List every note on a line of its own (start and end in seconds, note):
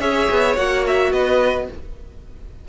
0.00 0.28 C#4
0.00 0.56 G#4
0.00 1.12 C#5
0.00 0.56 E5
0.30 0.57 B3
0.56 1.13 A#3
0.56 1.68 F#4
0.56 0.85 F#5
0.87 1.13 E5
1.13 1.69 B3
1.13 1.69 B4
1.13 1.69 D#5